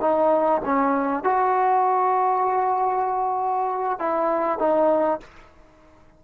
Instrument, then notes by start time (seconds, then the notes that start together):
trombone
0.00 D#4
0.65 C#4
1.23 F#4
3.99 E4
4.58 D#4